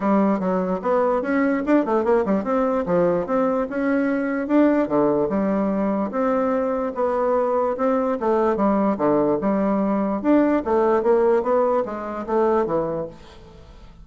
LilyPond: \new Staff \with { instrumentName = "bassoon" } { \time 4/4 \tempo 4 = 147 g4 fis4 b4 cis'4 | d'8 a8 ais8 g8 c'4 f4 | c'4 cis'2 d'4 | d4 g2 c'4~ |
c'4 b2 c'4 | a4 g4 d4 g4~ | g4 d'4 a4 ais4 | b4 gis4 a4 e4 | }